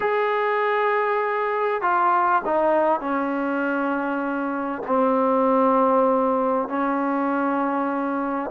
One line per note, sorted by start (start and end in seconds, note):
0.00 1.81 G#4
1.81 2.42 F4
2.45 3.00 D#4
3.00 4.82 C#4
4.87 6.68 C4
6.68 8.50 C#4